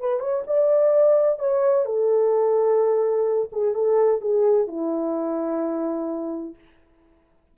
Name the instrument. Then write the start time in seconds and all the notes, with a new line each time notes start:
horn
0.00 B4
0.20 C#5
0.47 D5
1.39 C#5
1.85 A4
3.52 G#4
3.74 A4
4.21 G#4
4.67 E4